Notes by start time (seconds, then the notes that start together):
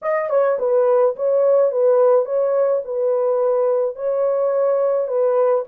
0.02 D#5
0.29 C#5
0.58 B4
1.16 C#5
1.71 B4
2.25 C#5
2.85 B4
3.95 C#5
5.07 B4